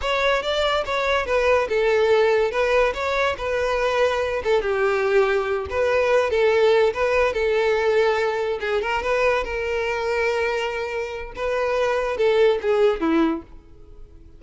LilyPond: \new Staff \with { instrumentName = "violin" } { \time 4/4 \tempo 4 = 143 cis''4 d''4 cis''4 b'4 | a'2 b'4 cis''4 | b'2~ b'8 a'8 g'4~ | g'4. b'4. a'4~ |
a'8 b'4 a'2~ a'8~ | a'8 gis'8 ais'8 b'4 ais'4.~ | ais'2. b'4~ | b'4 a'4 gis'4 e'4 | }